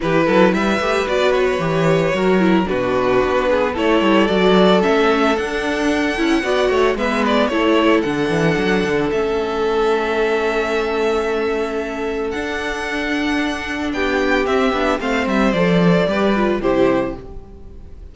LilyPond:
<<
  \new Staff \with { instrumentName = "violin" } { \time 4/4 \tempo 4 = 112 b'4 e''4 d''8 cis''4.~ | cis''4 b'2 cis''4 | d''4 e''4 fis''2~ | fis''4 e''8 d''8 cis''4 fis''4~ |
fis''4 e''2.~ | e''2. fis''4~ | fis''2 g''4 e''4 | f''8 e''8 d''2 c''4 | }
  \new Staff \with { instrumentName = "violin" } { \time 4/4 g'8 a'8 b'2. | ais'4 fis'4. gis'8 a'4~ | a'1 | d''8 cis''8 b'4 a'2~ |
a'1~ | a'1~ | a'2 g'2 | c''2 b'4 g'4 | }
  \new Staff \with { instrumentName = "viola" } { \time 4/4 e'4. g'8 fis'4 g'4 | fis'8 e'8 d'2 e'4 | fis'4 cis'4 d'4. e'8 | fis'4 b4 e'4 d'4~ |
d'4 cis'2.~ | cis'2. d'4~ | d'2. c'8 d'8 | c'4 a'4 g'8 f'8 e'4 | }
  \new Staff \with { instrumentName = "cello" } { \time 4/4 e8 fis8 g8 a8 b4 e4 | fis4 b,4 b4 a8 g8 | fis4 a4 d'4. cis'8 | b8 a8 gis4 a4 d8 e8 |
fis8 d8 a2.~ | a2. d'4~ | d'2 b4 c'8 b8 | a8 g8 f4 g4 c4 | }
>>